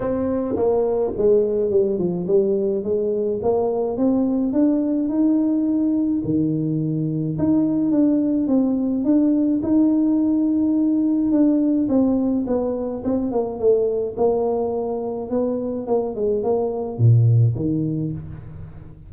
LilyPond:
\new Staff \with { instrumentName = "tuba" } { \time 4/4 \tempo 4 = 106 c'4 ais4 gis4 g8 f8 | g4 gis4 ais4 c'4 | d'4 dis'2 dis4~ | dis4 dis'4 d'4 c'4 |
d'4 dis'2. | d'4 c'4 b4 c'8 ais8 | a4 ais2 b4 | ais8 gis8 ais4 ais,4 dis4 | }